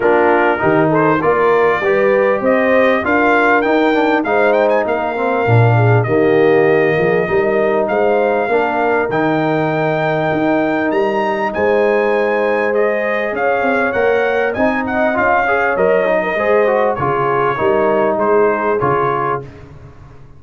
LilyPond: <<
  \new Staff \with { instrumentName = "trumpet" } { \time 4/4 \tempo 4 = 99 ais'4. c''8 d''2 | dis''4 f''4 g''4 f''8 g''16 gis''16 | f''2 dis''2~ | dis''4 f''2 g''4~ |
g''2 ais''4 gis''4~ | gis''4 dis''4 f''4 fis''4 | gis''8 fis''8 f''4 dis''2 | cis''2 c''4 cis''4 | }
  \new Staff \with { instrumentName = "horn" } { \time 4/4 f'4 g'8 a'8 ais'4 b'4 | c''4 ais'2 c''4 | ais'4. gis'8 g'4. gis'8 | ais'4 c''4 ais'2~ |
ais'2. c''4~ | c''2 cis''2 | dis''4. cis''4~ cis''16 ais'16 c''4 | gis'4 ais'4 gis'2 | }
  \new Staff \with { instrumentName = "trombone" } { \time 4/4 d'4 dis'4 f'4 g'4~ | g'4 f'4 dis'8 d'8 dis'4~ | dis'8 c'8 d'4 ais2 | dis'2 d'4 dis'4~ |
dis'1~ | dis'4 gis'2 ais'4 | dis'4 f'8 gis'8 ais'8 dis'8 gis'8 fis'8 | f'4 dis'2 f'4 | }
  \new Staff \with { instrumentName = "tuba" } { \time 4/4 ais4 dis4 ais4 g4 | c'4 d'4 dis'4 gis4 | ais4 ais,4 dis4. f8 | g4 gis4 ais4 dis4~ |
dis4 dis'4 g4 gis4~ | gis2 cis'8 c'8 ais4 | c'4 cis'4 fis4 gis4 | cis4 g4 gis4 cis4 | }
>>